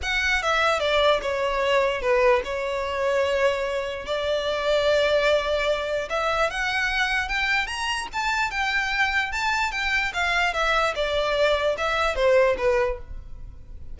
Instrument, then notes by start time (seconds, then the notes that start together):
violin
0.02 F#5
0.42 E5
0.79 D5
1.22 C#5
2.01 B4
2.44 C#5
4.06 D5
6.09 E5
6.50 F#5
7.28 G5
7.67 A#5
8.12 A5
8.50 G5
9.32 A5
9.71 G5
10.13 F5
10.53 E5
10.95 D5
11.77 E5
12.15 C5
12.57 B4